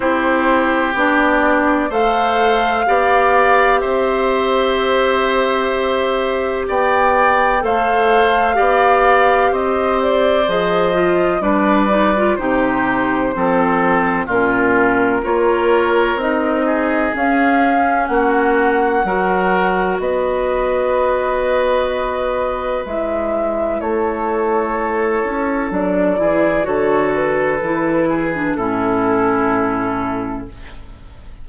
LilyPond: <<
  \new Staff \with { instrumentName = "flute" } { \time 4/4 \tempo 4 = 63 c''4 d''4 f''2 | e''2. g''4 | f''2 dis''8 d''8 dis''4 | d''4 c''2 ais'4 |
cis''4 dis''4 f''4 fis''4~ | fis''4 dis''2. | e''4 cis''2 d''4 | cis''8 b'4. a'2 | }
  \new Staff \with { instrumentName = "oboe" } { \time 4/4 g'2 c''4 d''4 | c''2. d''4 | c''4 d''4 c''2 | b'4 g'4 a'4 f'4 |
ais'4. gis'4. fis'4 | ais'4 b'2.~ | b'4 a'2~ a'8 gis'8 | a'4. gis'8 e'2 | }
  \new Staff \with { instrumentName = "clarinet" } { \time 4/4 e'4 d'4 a'4 g'4~ | g'1 | a'4 g'2 gis'8 f'8 | d'8 dis'16 f'16 dis'4 c'4 cis'4 |
f'4 dis'4 cis'2 | fis'1 | e'2. d'8 e'8 | fis'4 e'8. d'16 cis'2 | }
  \new Staff \with { instrumentName = "bassoon" } { \time 4/4 c'4 b4 a4 b4 | c'2. b4 | a4 b4 c'4 f4 | g4 c4 f4 ais,4 |
ais4 c'4 cis'4 ais4 | fis4 b2. | gis4 a4. cis'8 fis8 e8 | d4 e4 a,2 | }
>>